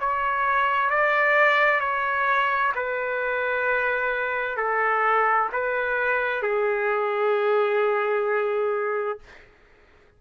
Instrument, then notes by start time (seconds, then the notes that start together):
trumpet
0.00 C#5
0.90 D5
1.80 C#5
2.75 B4
4.57 A4
5.53 B4
6.42 G#4